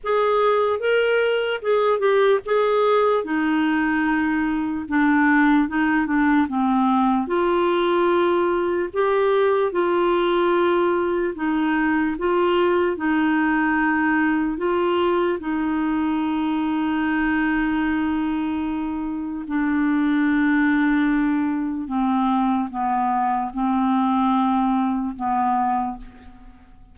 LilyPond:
\new Staff \with { instrumentName = "clarinet" } { \time 4/4 \tempo 4 = 74 gis'4 ais'4 gis'8 g'8 gis'4 | dis'2 d'4 dis'8 d'8 | c'4 f'2 g'4 | f'2 dis'4 f'4 |
dis'2 f'4 dis'4~ | dis'1 | d'2. c'4 | b4 c'2 b4 | }